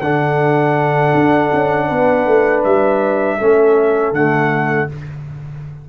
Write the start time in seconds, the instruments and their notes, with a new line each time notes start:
0.00 tuba D3, trombone D4, horn A4, trumpet F#5
1.14 tuba D4
1.53 tuba C#4
1.87 tuba B3, horn B4
2.26 tuba A3
2.64 tuba G3, trumpet E5
3.38 tuba A3, trombone C#4, horn A4
4.12 tuba D3, trombone A3, trumpet F#5